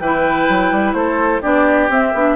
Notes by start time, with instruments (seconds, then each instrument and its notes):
0.00 bassoon E3, clarinet E4, oboe B4, flute G5
0.49 bassoon F#3
0.72 bassoon G3
0.94 bassoon A3, oboe A4, flute C5
1.42 bassoon B3, clarinet D4, oboe G4, flute D5
1.90 bassoon C4, clarinet C4, flute E5
2.14 bassoon B3, clarinet D4